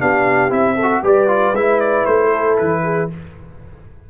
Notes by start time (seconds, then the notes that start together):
0.00 B3 D4 G4 F5
0.50 C4 E4 E5
0.76 A4
0.83 F#4
1.03 G3 G4 B4 D5
1.28 F4
1.53 G#3 E4 E5
1.81 D5
2.06 A3 C5
2.31 A4
2.58 E3 B4
2.84 G#4